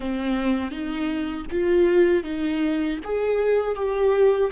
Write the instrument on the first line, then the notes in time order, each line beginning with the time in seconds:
viola
0.00 C4
0.71 D#4
1.50 F4
2.23 D#4
3.03 G#4
3.75 G4